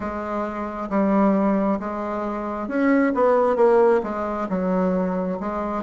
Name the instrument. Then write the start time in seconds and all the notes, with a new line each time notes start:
bassoon
0.00 G#3
0.89 G3
1.79 G#3
2.67 C#4
3.14 B3
3.56 A#3
4.03 G#3
4.49 F#3
5.40 G#3